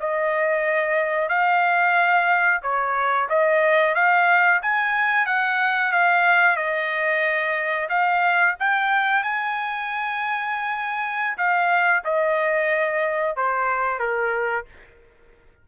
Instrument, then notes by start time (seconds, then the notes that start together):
trumpet
0.00 D#5
1.29 F5
2.63 C#5
3.29 D#5
3.95 F5
4.62 G#5
5.26 F#5
5.92 F5
6.57 D#5
7.89 F5
8.60 G5
9.23 G#5
11.38 F5
12.04 D#5
13.36 C5
14.00 A#4